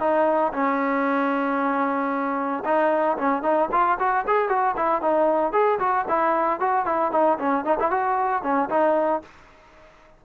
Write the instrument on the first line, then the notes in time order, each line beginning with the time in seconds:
trombone
0.00 D#4
0.53 C#4
2.65 D#4
3.18 C#4
3.43 D#4
3.72 F4
3.99 F#4
4.28 G#4
4.49 F#4
4.77 E4
5.02 D#4
5.53 G#4
5.79 F#4
6.09 E4
6.60 F#4
6.86 E4
7.12 D#4
7.39 C#4
7.65 D#4
7.80 E4
7.91 F#4
8.43 C#4
8.70 D#4